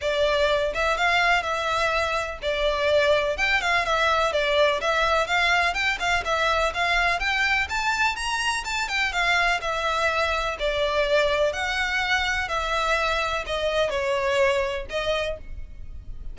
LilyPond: \new Staff \with { instrumentName = "violin" } { \time 4/4 \tempo 4 = 125 d''4. e''8 f''4 e''4~ | e''4 d''2 g''8 f''8 | e''4 d''4 e''4 f''4 | g''8 f''8 e''4 f''4 g''4 |
a''4 ais''4 a''8 g''8 f''4 | e''2 d''2 | fis''2 e''2 | dis''4 cis''2 dis''4 | }